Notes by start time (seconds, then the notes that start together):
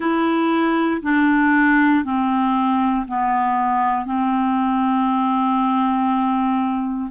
0.00 E4
1.02 D4
2.04 C4
3.07 B3
4.05 C4